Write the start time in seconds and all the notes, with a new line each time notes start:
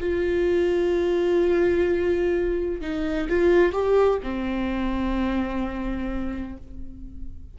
0.00 F4
2.81 D#4
3.29 F4
3.72 G4
4.23 C4